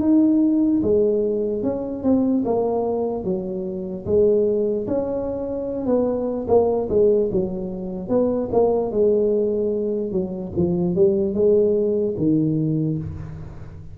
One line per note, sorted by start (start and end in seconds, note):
0.00 0.81 D#4
0.83 1.63 G#3
1.63 2.03 C#4
2.03 2.44 C4
2.45 3.24 A#3
3.24 4.05 F#3
4.06 4.87 G#3
4.88 5.86 C#4
5.86 6.47 B3
6.48 6.88 A#3
6.89 7.30 G#3
7.32 8.09 F#3
8.09 8.50 B3
8.52 8.92 A#3
8.92 10.12 G#3
10.12 10.52 F#3
10.57 10.96 F3
10.96 11.34 G3
11.34 12.15 G#3
12.17 12.98 D#3